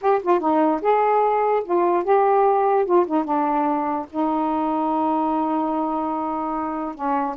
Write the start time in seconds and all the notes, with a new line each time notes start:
0.01 G4
0.22 F4
0.40 D#4
0.81 G#4
1.64 F4
2.04 G4
2.85 F4
3.06 D#4
3.24 D4
4.10 D#4
6.94 C#4